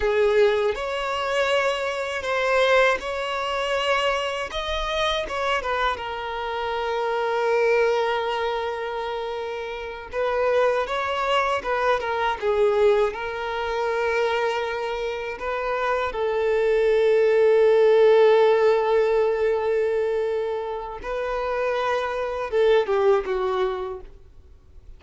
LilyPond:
\new Staff \with { instrumentName = "violin" } { \time 4/4 \tempo 4 = 80 gis'4 cis''2 c''4 | cis''2 dis''4 cis''8 b'8 | ais'1~ | ais'4. b'4 cis''4 b'8 |
ais'8 gis'4 ais'2~ ais'8~ | ais'8 b'4 a'2~ a'8~ | a'1 | b'2 a'8 g'8 fis'4 | }